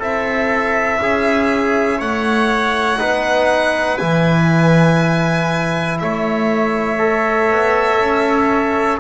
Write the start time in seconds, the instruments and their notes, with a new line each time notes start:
0.00 double bass C4, trombone E4, trumpet A4, violin E5
1.02 double bass C#4, trumpet G#4
1.99 double bass A3, trumpet C#5, violin F#5
2.99 double bass B3, trombone D#4, trumpet B4
3.98 double bass E3, trombone E4, violin G#5
6.00 double bass A3, trumpet C#5, violin E5
6.99 trombone A4
7.51 double bass B3
8.01 double bass C#4